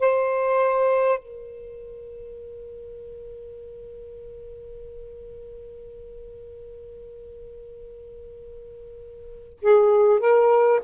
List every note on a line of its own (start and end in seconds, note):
0.00 1.19 C5
1.19 9.59 A#4
9.62 10.20 G#4
10.20 10.80 A#4